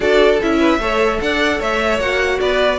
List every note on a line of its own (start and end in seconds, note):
0.00 0.39 D4
0.00 0.40 F#4
0.00 0.57 A4
0.00 0.41 D5
0.41 0.78 C#4
0.41 0.81 E4
0.41 1.20 E5
0.59 0.79 B4
0.78 1.18 A3
0.78 2.00 A4
0.78 1.21 C#5
1.20 1.60 D4
1.20 1.59 D5
1.20 1.60 F#5
1.59 1.99 A3
1.59 2.39 C#5
1.59 1.99 E5
1.99 2.39 A#3
1.99 2.78 F#4
1.99 2.39 F#5
2.40 2.78 B3
2.40 2.78 B4
2.40 2.78 D5